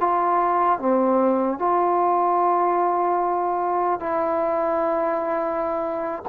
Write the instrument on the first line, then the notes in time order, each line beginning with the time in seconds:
trombone
0.00 F4
0.80 C4
1.59 F4
4.00 E4